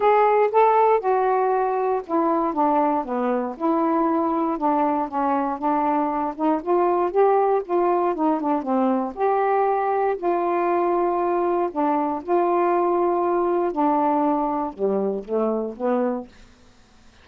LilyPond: \new Staff \with { instrumentName = "saxophone" } { \time 4/4 \tempo 4 = 118 gis'4 a'4 fis'2 | e'4 d'4 b4 e'4~ | e'4 d'4 cis'4 d'4~ | d'8 dis'8 f'4 g'4 f'4 |
dis'8 d'8 c'4 g'2 | f'2. d'4 | f'2. d'4~ | d'4 g4 a4 b4 | }